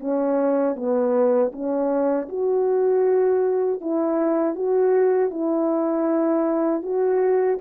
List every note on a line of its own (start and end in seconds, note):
0.00 0.76 C#4
0.76 1.52 B3
1.53 2.29 C#4
2.29 3.81 F#4
3.81 4.55 E4
4.55 5.31 F#4
5.31 6.83 E4
6.83 7.58 F#4